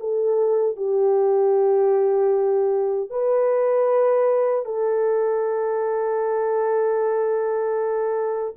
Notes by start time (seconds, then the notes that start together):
0.00 A4
0.76 G4
3.10 B4
4.65 A4